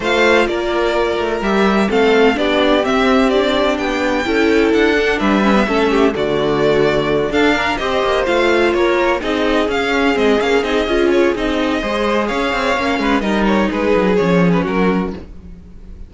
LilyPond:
<<
  \new Staff \with { instrumentName = "violin" } { \time 4/4 \tempo 4 = 127 f''4 d''2 e''4 | f''4 d''4 e''4 d''4 | g''2 fis''4 e''4~ | e''4 d''2~ d''8 f''8~ |
f''8 dis''4 f''4 cis''4 dis''8~ | dis''8 f''4 dis''8 f''8 dis''4 cis''8 | dis''2 f''2 | dis''8 cis''8 b'4 cis''8. b'16 ais'4 | }
  \new Staff \with { instrumentName = "violin" } { \time 4/4 c''4 ais'2. | a'4 g'2.~ | g'4 a'2 b'4 | a'8 g'8 fis'2~ fis'8 a'8 |
ais'8 c''2 ais'4 gis'8~ | gis'1~ | gis'4 c''4 cis''4. b'8 | ais'4 gis'2 fis'4 | }
  \new Staff \with { instrumentName = "viola" } { \time 4/4 f'2. g'4 | c'4 d'4 c'4 d'4~ | d'4 e'4. d'4 cis'16 b16 | cis'4 a2~ a8 d'8~ |
d'8 g'4 f'2 dis'8~ | dis'8 cis'4 c'8 cis'8 dis'8 f'4 | dis'4 gis'2 cis'4 | dis'2 cis'2 | }
  \new Staff \with { instrumentName = "cello" } { \time 4/4 a4 ais4. a8 g4 | a4 b4 c'2 | b4 cis'4 d'4 g4 | a4 d2~ d8 d'8~ |
d'8 c'8 ais8 a4 ais4 c'8~ | c'8 cis'4 gis8 ais8 c'8 cis'4 | c'4 gis4 cis'8 c'8 ais8 gis8 | g4 gis8 fis8 f4 fis4 | }
>>